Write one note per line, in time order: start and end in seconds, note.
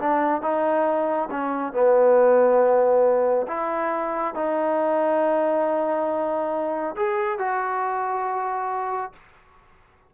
0.00 0.42 D4
0.42 1.29 D#4
1.31 1.73 C#4
1.73 3.47 B3
3.48 4.35 E4
4.35 6.96 D#4
6.97 7.39 G#4
7.39 9.13 F#4